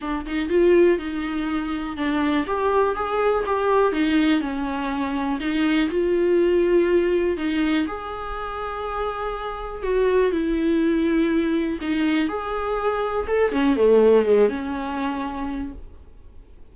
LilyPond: \new Staff \with { instrumentName = "viola" } { \time 4/4 \tempo 4 = 122 d'8 dis'8 f'4 dis'2 | d'4 g'4 gis'4 g'4 | dis'4 cis'2 dis'4 | f'2. dis'4 |
gis'1 | fis'4 e'2. | dis'4 gis'2 a'8 cis'8 | a4 gis8 cis'2~ cis'8 | }